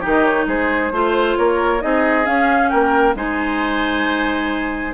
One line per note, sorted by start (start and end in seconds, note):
0.00 0.46 D#3
0.00 0.91 D#4
0.00 0.45 G4
0.00 0.24 D#5
0.24 0.47 C#5
0.46 0.91 G#3
0.46 0.92 G#4
0.46 1.37 C5
0.91 1.36 A3
0.91 1.80 F4
0.91 1.38 C5
1.37 1.83 A#3
1.37 1.83 A#4
1.37 1.81 C#5
1.80 2.27 C4
1.80 2.24 D#4
1.80 2.70 G#4
1.80 2.26 D#5
2.24 3.14 C#4
2.24 2.72 C#4
2.24 2.69 F5
2.69 3.14 A#3
2.69 3.15 A#4
2.69 3.14 G5
3.14 4.94 G#3
3.14 4.94 D#4
3.14 4.94 C5
3.14 4.94 G#5